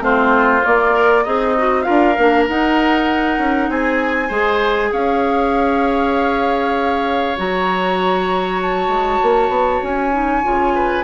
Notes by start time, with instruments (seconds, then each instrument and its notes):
0.00 bassoon A3, clarinet C4, oboe F4, flute C5
0.65 clarinet A#3, bassoon A#3, flute D5
0.92 clarinet A#4
1.24 bassoon C4, oboe D#4, clarinet G#4, flute D#5
1.58 clarinet F#4
1.83 bassoon D4, clarinet F4, oboe A#4, flute F5
2.18 bassoon A#3, clarinet D4
2.48 bassoon D#4, clarinet D#4, flute F#5
3.38 bassoon C#4
3.69 bassoon C4, oboe G#4, flute G#5
4.28 bassoon G#3, clarinet G#4, oboe C5
4.92 bassoon C#4, oboe C#5, flute F5
7.37 bassoon F#3, clarinet F#4, flute A#5
8.62 flute A5
8.88 bassoon G#3
9.23 bassoon A#3
9.49 bassoon B3
9.83 bassoon C#4, flute G#5
10.12 clarinet D#4
10.43 bassoon C#3, clarinet F4
10.75 oboe B4